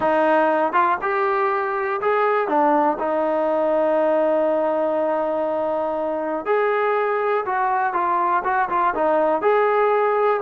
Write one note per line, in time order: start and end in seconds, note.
0.00 0.73 D#4
0.73 0.97 F4
1.01 2.00 G4
2.01 2.47 G#4
2.47 2.97 D4
2.98 6.45 D#4
6.45 7.44 G#4
7.45 7.93 F#4
7.93 8.43 F4
8.43 8.68 F#4
8.69 8.94 F4
8.94 9.41 D#4
9.41 10.40 G#4